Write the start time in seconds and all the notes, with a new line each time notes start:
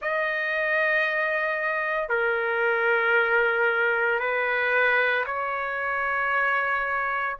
0.01 D#5
2.09 A#4
4.19 B4
5.26 C#5